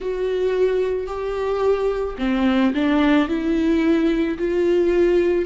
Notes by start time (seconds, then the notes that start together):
0.00 F#4
1.06 G4
2.18 C4
2.74 D4
3.28 E4
4.38 F4